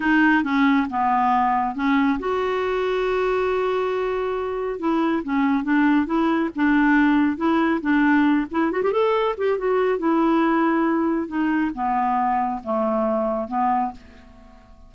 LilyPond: \new Staff \with { instrumentName = "clarinet" } { \time 4/4 \tempo 4 = 138 dis'4 cis'4 b2 | cis'4 fis'2.~ | fis'2. e'4 | cis'4 d'4 e'4 d'4~ |
d'4 e'4 d'4. e'8 | fis'16 g'16 a'4 g'8 fis'4 e'4~ | e'2 dis'4 b4~ | b4 a2 b4 | }